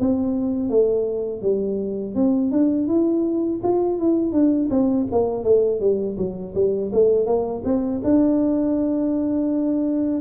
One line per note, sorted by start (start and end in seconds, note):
0.00 0.70 C4
0.70 1.42 A3
1.42 2.15 G3
2.15 2.52 C4
2.52 2.88 D4
2.88 3.61 E4
3.63 3.99 F4
3.99 4.33 E4
4.33 4.69 D4
4.71 5.07 C4
5.12 5.44 A#3
5.44 5.80 A3
5.80 6.17 G3
6.18 6.54 F#3
6.55 6.92 G3
6.93 7.26 A3
7.26 7.63 A#3
7.65 8.02 C4
8.04 10.21 D4